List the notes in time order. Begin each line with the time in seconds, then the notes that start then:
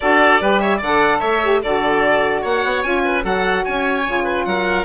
0.00 D4 F#4 A4 D5
0.40 G3 G4 B4
0.58 C#5 E5
0.77 D3 D5 F#5
0.85 A4
1.19 A3 C#5 E5
1.42 G4
1.63 D3 F#4 A4 D5
2.41 A#3 C#5 F#5
2.64 B3
2.82 C#4 F4 G#5
3.04 B4
3.21 F#3 F#4 A4 F#5
3.64 C#4 C#5 G#5
4.06 C#3 F4
4.24 B4
4.45 F#3 A#4 F#5